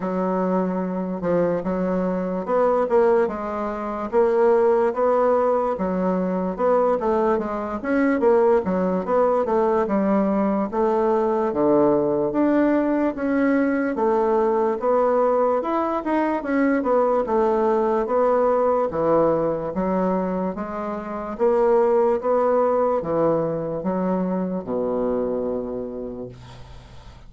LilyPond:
\new Staff \with { instrumentName = "bassoon" } { \time 4/4 \tempo 4 = 73 fis4. f8 fis4 b8 ais8 | gis4 ais4 b4 fis4 | b8 a8 gis8 cis'8 ais8 fis8 b8 a8 | g4 a4 d4 d'4 |
cis'4 a4 b4 e'8 dis'8 | cis'8 b8 a4 b4 e4 | fis4 gis4 ais4 b4 | e4 fis4 b,2 | }